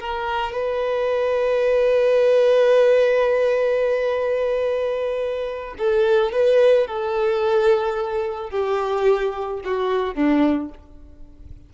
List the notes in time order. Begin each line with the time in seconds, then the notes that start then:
0.00 A#4
0.52 B4
5.78 A4
6.33 B4
6.87 A4
8.50 G4
9.65 F#4
10.15 D4